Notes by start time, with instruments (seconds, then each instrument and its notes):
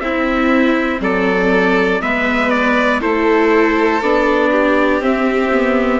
0.00 bassoon C4, viola C4, violin E4, trumpet E5
1.00 bassoon F#3, violin A4, trumpet D5
2.01 bassoon G#3, viola B3, violin B4, trumpet E5
2.50 trumpet D5
3.00 bassoon A3, viola E4, violin A4, trumpet C5
4.01 bassoon B3, viola D4, trumpet D5
4.51 violin G4
5.01 viola C4, bassoon C4, trumpet E5
5.52 viola B3